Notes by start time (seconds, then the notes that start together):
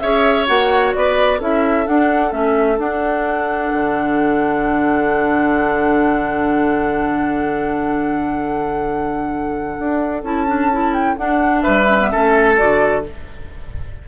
0.00 C#4 G#4 C#5 E5
0.47 A#3 F#4 F#5
0.95 B3 B4 D5
1.39 C#4 E4 A4 E5
1.87 D4 F#5
2.31 A3 C#4 E5
2.79 D4 F#5
3.73 D3
9.79 D4
10.23 C#4 E4 A5
10.47 D4
10.72 E4
10.94 G5
11.17 D4 F#5
11.62 G3 B4 E5
11.88 C#4
12.00 B3
12.11 A3 C#4 A4
12.56 D3 F#4 D5